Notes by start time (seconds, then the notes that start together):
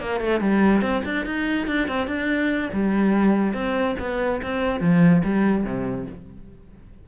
0.00 A#3
0.20 A3
0.40 G3
0.81 C4
1.05 D4
1.25 D#4
1.67 D4
1.88 C4
2.07 D4
2.72 G3
3.53 C4
3.99 B3
4.42 C4
4.80 F3
5.24 G3
5.64 C3